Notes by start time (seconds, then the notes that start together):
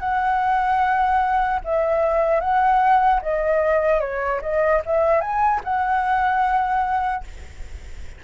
0.00 F#5
1.65 E5
2.41 F#5
3.22 D#5
4.01 C#5
4.42 D#5
4.86 E5
5.21 G#5
5.64 F#5